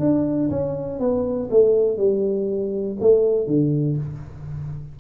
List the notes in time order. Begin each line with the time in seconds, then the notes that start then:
0.00 D4
0.50 C#4
1.00 B3
1.51 A3
1.98 G3
3.01 A3
3.47 D3